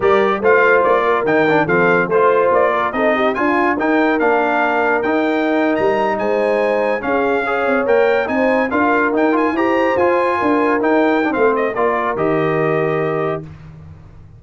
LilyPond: <<
  \new Staff \with { instrumentName = "trumpet" } { \time 4/4 \tempo 4 = 143 d''4 f''4 d''4 g''4 | f''4 c''4 d''4 dis''4 | gis''4 g''4 f''2 | g''4.~ g''16 ais''4 gis''4~ gis''16~ |
gis''8. f''2 g''4 gis''16~ | gis''8. f''4 g''8 gis''8 ais''4 gis''16~ | gis''4.~ gis''16 g''4~ g''16 f''8 dis''8 | d''4 dis''2. | }
  \new Staff \with { instrumentName = "horn" } { \time 4/4 ais'4 c''4. ais'4. | a'4 c''4. ais'8 a'8 g'8 | f'4 ais'2.~ | ais'2~ ais'8. c''4~ c''16~ |
c''8. gis'4 cis''2 c''16~ | c''8. ais'2 c''4~ c''16~ | c''8. ais'2~ ais'16 c''4 | ais'1 | }
  \new Staff \with { instrumentName = "trombone" } { \time 4/4 g'4 f'2 dis'8 d'8 | c'4 f'2 dis'4 | f'4 dis'4 d'2 | dis'1~ |
dis'8. cis'4 gis'4 ais'4 dis'16~ | dis'8. f'4 dis'8 f'8 g'4 f'16~ | f'4.~ f'16 dis'4 d'16 c'4 | f'4 g'2. | }
  \new Staff \with { instrumentName = "tuba" } { \time 4/4 g4 a4 ais4 dis4 | f4 a4 ais4 c'4 | d'4 dis'4 ais2 | dis'4.~ dis'16 g4 gis4~ gis16~ |
gis8. cis'4. c'8 ais4 c'16~ | c'8. d'4 dis'4 e'4 f'16~ | f'8. d'4 dis'4~ dis'16 a4 | ais4 dis2. | }
>>